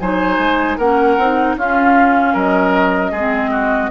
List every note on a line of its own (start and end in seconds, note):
0.00 0.38 F#3
0.00 0.79 D#4
0.00 0.78 C5
0.00 0.78 G#5
0.38 0.77 G#3
0.78 1.17 A#3
0.78 1.20 C#4
0.78 1.56 A#4
0.78 1.56 F#5
1.18 1.56 C4
1.18 1.59 D#4
1.56 2.34 C#4
1.56 3.16 C#4
1.56 2.34 F4
1.56 2.37 F5
2.34 3.12 F#3
2.34 3.11 A#4
2.34 3.91 D#5
3.11 3.90 G#3
3.11 3.91 C4
3.11 3.50 G#4
3.51 3.90 F#4